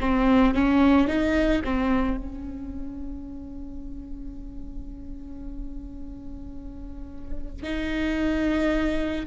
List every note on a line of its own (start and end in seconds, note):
0.00 0.55 C4
0.55 1.08 C#4
1.08 1.62 D#4
1.64 2.18 C4
2.18 7.63 C#4
7.63 9.27 D#4